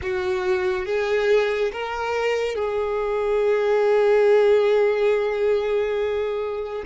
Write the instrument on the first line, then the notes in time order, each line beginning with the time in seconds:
violin
0.02 F#4
0.85 G#4
1.71 A#4
2.55 G#4